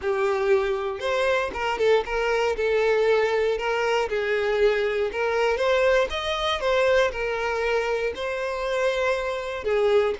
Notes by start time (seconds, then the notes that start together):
0.01 G4
0.99 C5
1.53 A#4
1.78 A4
2.05 A#4
2.56 A4
3.58 A#4
4.09 G#4
5.11 A#4
5.57 C5
6.09 D#5
6.60 C5
7.11 A#4
8.15 C5
9.64 G#4